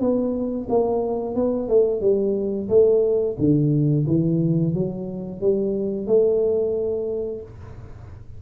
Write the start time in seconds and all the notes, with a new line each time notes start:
0.00 B3
0.69 A#3
1.35 B3
1.69 A3
2.01 G3
2.69 A3
3.39 D3
4.07 E3
4.74 F#3
5.41 G3
6.07 A3